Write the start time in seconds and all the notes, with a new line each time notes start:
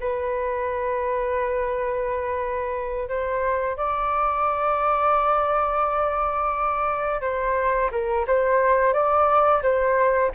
0.00 B4
3.08 C5
3.77 D5
7.21 C5
7.92 A#4
8.27 C5
8.93 D5
9.63 C5